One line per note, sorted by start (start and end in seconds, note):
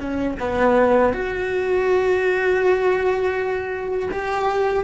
0.00 0.37 C#4
0.40 1.13 B3
1.13 4.10 F#4
4.11 4.84 G4